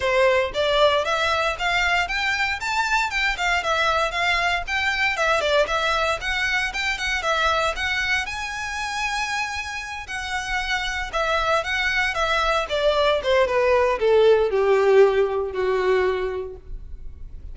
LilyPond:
\new Staff \with { instrumentName = "violin" } { \time 4/4 \tempo 4 = 116 c''4 d''4 e''4 f''4 | g''4 a''4 g''8 f''8 e''4 | f''4 g''4 e''8 d''8 e''4 | fis''4 g''8 fis''8 e''4 fis''4 |
gis''2.~ gis''8 fis''8~ | fis''4. e''4 fis''4 e''8~ | e''8 d''4 c''8 b'4 a'4 | g'2 fis'2 | }